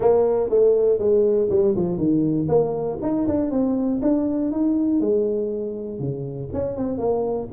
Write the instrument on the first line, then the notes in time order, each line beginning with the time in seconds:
tuba
0.00 A#3
0.49 A3
0.98 G#3
1.50 G3
1.76 F3
1.97 D#3
2.48 A#3
3.02 D#4
3.27 D4
3.50 C4
4.02 D4
4.51 D#4
5.00 G#3
5.99 C#3
6.53 C#4
6.76 C4
6.97 A#3